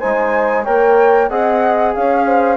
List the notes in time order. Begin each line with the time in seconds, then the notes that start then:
0.00 G#3 D#4 C5 G#5
0.65 A#3 A#4 C#5 G5
1.29 C4 G#4 D#5 F#5
1.94 C#4 C#5 F5
2.27 C5